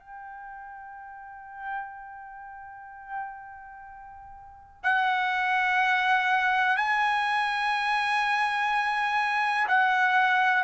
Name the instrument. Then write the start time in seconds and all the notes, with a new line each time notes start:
trumpet
0.00 G5
4.83 F#5
6.77 G#5
9.68 F#5